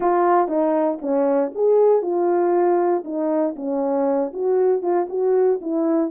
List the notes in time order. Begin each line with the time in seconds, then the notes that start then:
0.00 F4
0.47 D#4
1.01 C#4
1.54 G#4
2.02 F4
3.04 D#4
3.56 C#4
4.33 F#4
4.81 F4
5.09 F#4
5.61 E4